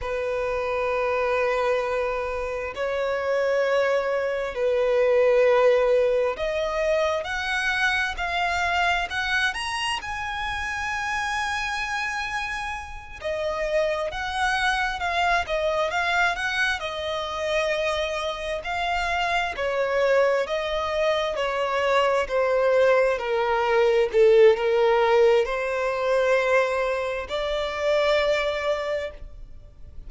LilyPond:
\new Staff \with { instrumentName = "violin" } { \time 4/4 \tempo 4 = 66 b'2. cis''4~ | cis''4 b'2 dis''4 | fis''4 f''4 fis''8 ais''8 gis''4~ | gis''2~ gis''8 dis''4 fis''8~ |
fis''8 f''8 dis''8 f''8 fis''8 dis''4.~ | dis''8 f''4 cis''4 dis''4 cis''8~ | cis''8 c''4 ais'4 a'8 ais'4 | c''2 d''2 | }